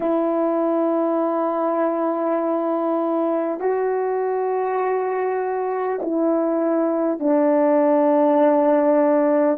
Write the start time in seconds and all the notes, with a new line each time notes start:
0.00 E4
3.59 F#4
6.02 E4
7.19 D4